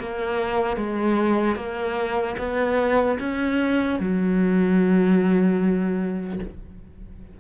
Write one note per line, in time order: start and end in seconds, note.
0.00 0.77 A#3
0.77 1.56 G#3
1.56 2.36 A#3
2.39 3.19 B3
3.20 4.00 C#4
4.00 6.40 F#3